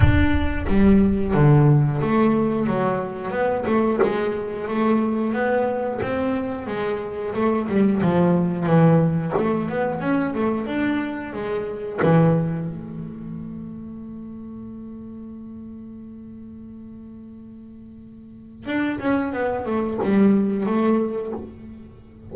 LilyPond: \new Staff \with { instrumentName = "double bass" } { \time 4/4 \tempo 4 = 90 d'4 g4 d4 a4 | fis4 b8 a8 gis4 a4 | b4 c'4 gis4 a8 g8 | f4 e4 a8 b8 cis'8 a8 |
d'4 gis4 e4 a4~ | a1~ | a1 | d'8 cis'8 b8 a8 g4 a4 | }